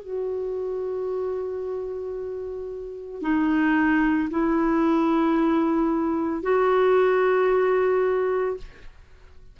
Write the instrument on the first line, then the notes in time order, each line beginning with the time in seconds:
clarinet
0.00 F#4
3.21 D#4
4.30 E4
6.42 F#4